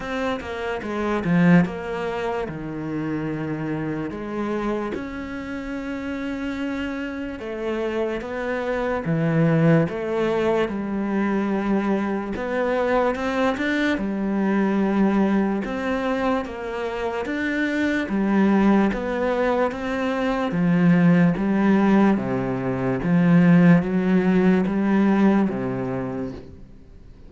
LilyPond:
\new Staff \with { instrumentName = "cello" } { \time 4/4 \tempo 4 = 73 c'8 ais8 gis8 f8 ais4 dis4~ | dis4 gis4 cis'2~ | cis'4 a4 b4 e4 | a4 g2 b4 |
c'8 d'8 g2 c'4 | ais4 d'4 g4 b4 | c'4 f4 g4 c4 | f4 fis4 g4 c4 | }